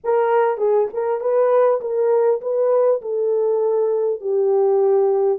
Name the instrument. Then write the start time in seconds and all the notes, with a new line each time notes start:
horn
0.04 A#4
0.57 G#4
0.93 A#4
1.20 B4
1.80 A#4
2.41 B4
3.01 A4
4.20 G4